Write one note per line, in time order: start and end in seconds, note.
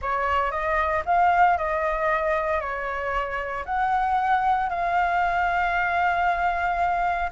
0.01 0.51 C#5
0.51 1.03 D#5
1.05 1.57 F5
1.57 2.60 D#5
2.60 3.64 C#5
3.65 4.69 F#5
4.69 7.30 F5